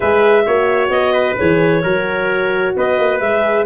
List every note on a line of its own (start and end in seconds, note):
0.00 0.47 G#3
0.00 0.46 G#4
0.00 0.45 B4
0.00 0.89 E5
0.46 0.89 A#3
0.46 1.36 F#4
0.46 1.12 C#5
0.89 1.35 B3
0.89 1.35 D#5
1.12 1.81 B4
1.36 1.83 E3
1.36 1.82 G#4
1.36 2.75 C#5
1.83 2.75 F#3
1.83 3.23 F#4
1.83 2.74 A#4
2.76 2.98 B3
2.76 3.65 B4
2.76 3.19 D#5
2.98 3.20 A#3
3.19 3.65 G#3
3.19 3.65 G#4
3.19 3.65 E5